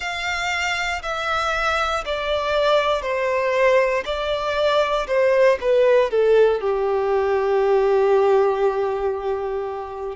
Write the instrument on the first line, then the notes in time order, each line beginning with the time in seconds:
violin
0.00 F5
1.02 E5
2.05 D5
3.01 C5
4.04 D5
5.07 C5
5.60 B4
6.10 A4
6.61 G4